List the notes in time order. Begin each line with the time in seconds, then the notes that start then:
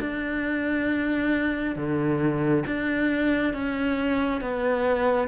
0.00 D4
1.76 D3
2.66 D4
3.54 C#4
4.41 B3